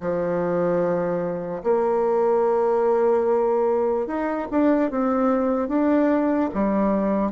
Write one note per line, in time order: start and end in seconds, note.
0.00 1.62 F3
1.63 4.07 A#3
4.07 4.47 D#4
4.51 4.91 D4
4.91 5.68 C4
5.68 6.49 D4
6.54 7.32 G3